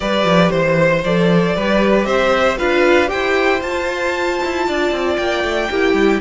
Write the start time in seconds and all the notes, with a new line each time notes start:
0.00 G3 G4 B4 D5
0.24 F3
0.49 E3 C5
1.04 F3 A4 D5
1.55 G3 G4 B4
2.05 C4 C5 E5
2.57 D4 F4 B4 F5
3.06 G4 C5 G5
3.12 E4
3.61 F4 A5
4.43 E4
4.67 D4 D5
4.91 C4
5.16 A#3 G5
5.43 A3
5.70 A#3 E4 G4
5.93 G3